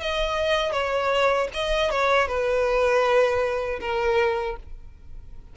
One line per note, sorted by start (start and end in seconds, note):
0.00 0.72 D#5
0.72 1.48 C#5
1.53 1.91 D#5
1.91 2.28 C#5
2.28 3.79 B4
3.80 4.56 A#4